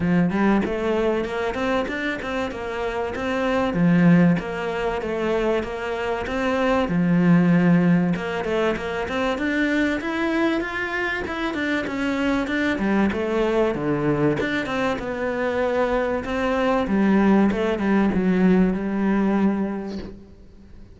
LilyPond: \new Staff \with { instrumentName = "cello" } { \time 4/4 \tempo 4 = 96 f8 g8 a4 ais8 c'8 d'8 c'8 | ais4 c'4 f4 ais4 | a4 ais4 c'4 f4~ | f4 ais8 a8 ais8 c'8 d'4 |
e'4 f'4 e'8 d'8 cis'4 | d'8 g8 a4 d4 d'8 c'8 | b2 c'4 g4 | a8 g8 fis4 g2 | }